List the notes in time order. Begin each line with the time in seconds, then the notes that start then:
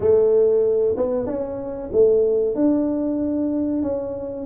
0.00 A3
0.97 B3
1.26 C#4
1.92 A3
2.55 D4
3.82 C#4